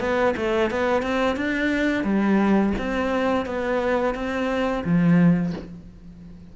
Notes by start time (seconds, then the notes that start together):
0.00 B3
0.37 A3
0.71 B3
1.02 C4
1.36 D4
2.04 G3
2.78 C4
3.46 B3
4.14 C4
4.84 F3